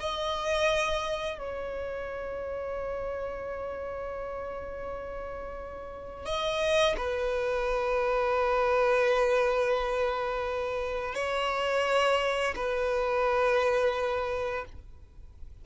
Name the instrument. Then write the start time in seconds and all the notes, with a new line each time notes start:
violin
0.00 D#5
1.39 C#5
6.26 D#5
6.98 B4
11.15 C#5
12.56 B4